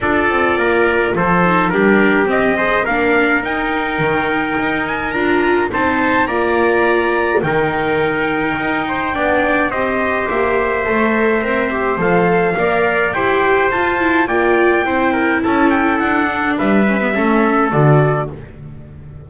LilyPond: <<
  \new Staff \with { instrumentName = "trumpet" } { \time 4/4 \tempo 4 = 105 d''2 c''4 ais'4 | dis''4 f''4 g''2~ | g''8 gis''8 ais''4 a''4 ais''4~ | ais''4 g''2.~ |
g''4 dis''4 e''2~ | e''4 f''2 g''4 | a''4 g''2 a''8 g''8 | fis''4 e''2 d''4 | }
  \new Staff \with { instrumentName = "trumpet" } { \time 4/4 a'4 ais'4 a'4 g'4~ | g'8 c''8 ais'2.~ | ais'2 c''4 d''4~ | d''4 ais'2~ ais'8 c''8 |
d''4 c''2.~ | c''2 d''4 c''4~ | c''4 d''4 c''8 ais'8 a'4~ | a'4 b'4 a'2 | }
  \new Staff \with { instrumentName = "viola" } { \time 4/4 f'2~ f'8 dis'8 d'4 | c'8 gis'8 d'4 dis'2~ | dis'4 f'4 dis'4 f'4~ | f'4 dis'2. |
d'4 g'2 a'4 | ais'8 g'8 a'4 ais'4 g'4 | f'8 e'8 f'4 e'2~ | e'8 d'4 cis'16 b16 cis'4 fis'4 | }
  \new Staff \with { instrumentName = "double bass" } { \time 4/4 d'8 c'8 ais4 f4 g4 | c'4 ais4 dis'4 dis4 | dis'4 d'4 c'4 ais4~ | ais4 dis2 dis'4 |
b4 c'4 ais4 a4 | c'4 f4 ais4 e'4 | f'4 ais4 c'4 cis'4 | d'4 g4 a4 d4 | }
>>